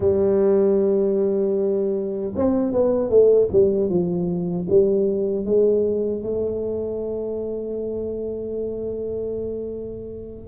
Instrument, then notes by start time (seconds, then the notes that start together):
tuba
0.00 G3
2.35 C4
2.72 B3
3.09 A3
3.52 G3
3.89 F3
4.69 G3
5.45 G#3
6.23 A3